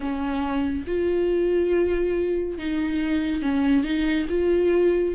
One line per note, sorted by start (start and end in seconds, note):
0.00 0.84 C#4
0.86 2.58 F4
2.58 3.42 D#4
3.42 3.84 C#4
3.84 4.26 D#4
4.29 5.15 F4